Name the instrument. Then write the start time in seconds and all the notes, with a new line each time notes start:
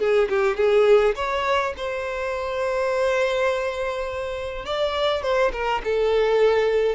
violin
0.00 G#4
0.30 G4
0.57 G#4
1.16 C#5
1.77 C5
4.66 D5
5.23 C5
5.53 A#4
5.85 A4